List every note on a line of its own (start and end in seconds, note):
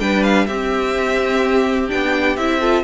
0.00 0.48 G3
0.00 0.48 D4
0.00 0.47 B4
0.00 0.24 G5
0.24 0.46 F5
0.46 1.91 C4
0.46 1.89 C4
0.46 2.60 G4
0.46 1.89 E5
1.89 2.37 B3
1.89 2.36 D4
1.89 2.37 G5
2.37 2.84 C4
2.37 2.61 E4
2.37 2.84 E5
2.60 2.84 F4
2.60 2.84 A4